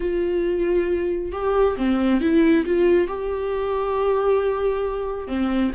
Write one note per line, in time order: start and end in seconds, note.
0.00 1.32 F4
1.32 1.76 G4
1.76 2.20 C4
2.20 2.65 E4
2.65 3.07 F4
3.07 5.27 G4
5.27 5.71 C4